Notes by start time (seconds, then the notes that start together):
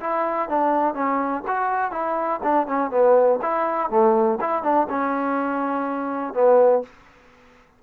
0.00 E4
0.49 D4
0.94 C#4
1.47 F#4
1.91 E4
2.43 D4
2.67 C#4
2.90 B3
3.41 E4
3.90 A3
4.40 E4
4.63 D4
4.89 C#4
6.33 B3